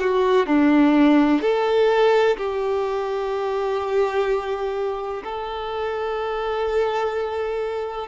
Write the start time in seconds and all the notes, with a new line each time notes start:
0.00 F#4
0.46 D4
1.42 A4
2.37 G4
5.24 A4